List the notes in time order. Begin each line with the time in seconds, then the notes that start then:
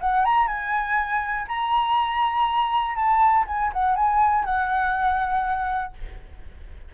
0.00 F#5
0.25 A#5
0.47 G#5
1.48 A#5
2.95 A5
3.47 G#5
3.73 F#5
3.96 G#5
4.44 F#5